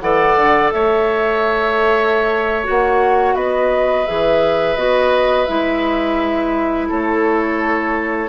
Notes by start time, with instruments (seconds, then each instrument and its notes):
0.00 bassoon E3, clarinet A4, oboe D5, flute F#5
0.37 bassoon D3
0.72 bassoon A3, oboe C#5, flute E5
2.64 bassoon A#3, clarinet F#4, flute F#5
3.35 bassoon B3, oboe B4, flute D#5
4.06 bassoon E3, clarinet G#4, flute E5
4.76 bassoon B3, clarinet F#4, flute D#5
5.46 bassoon G#3, clarinet E4, flute E5
6.89 bassoon A3, oboe A4, flute C#5